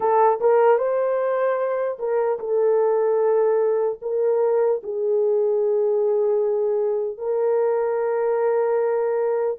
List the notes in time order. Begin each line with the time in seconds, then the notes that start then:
0.00 A4
0.40 A#4
0.77 C5
1.98 A#4
2.39 A4
4.01 A#4
4.83 G#4
7.17 A#4